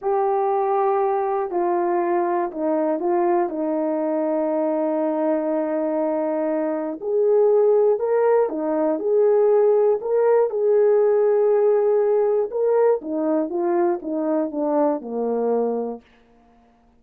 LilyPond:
\new Staff \with { instrumentName = "horn" } { \time 4/4 \tempo 4 = 120 g'2. f'4~ | f'4 dis'4 f'4 dis'4~ | dis'1~ | dis'2 gis'2 |
ais'4 dis'4 gis'2 | ais'4 gis'2.~ | gis'4 ais'4 dis'4 f'4 | dis'4 d'4 ais2 | }